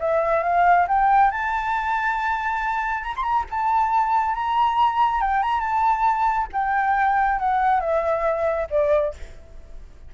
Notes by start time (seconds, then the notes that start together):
0.00 E5
0.43 F5
0.88 G5
1.32 A5
3.04 A#5
3.16 C6
3.23 A#5
3.51 A5
4.35 A#5
5.21 G5
5.43 A#5
5.60 A5
6.53 G5
7.40 F#5
7.81 E5
8.71 D5